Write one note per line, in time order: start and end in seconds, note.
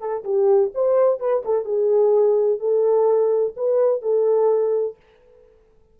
0.00 0.24 A4
0.24 0.71 G4
0.74 1.19 C5
1.19 1.43 B4
1.45 1.65 A4
1.65 2.59 G#4
2.60 3.54 A4
3.56 4.02 B4
4.02 4.96 A4